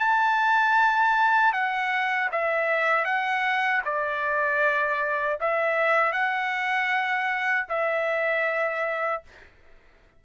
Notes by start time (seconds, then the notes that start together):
0.00 A5
1.53 F#5
2.32 E5
3.05 F#5
3.85 D5
5.41 E5
6.13 F#5
7.69 E5